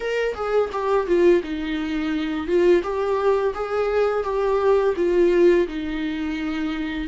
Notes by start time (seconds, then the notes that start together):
0.00 A#4
0.34 G#4
0.72 G4
1.06 F4
1.43 D#4
2.47 F4
2.83 G4
3.54 G#4
4.24 G4
4.96 F4
5.67 D#4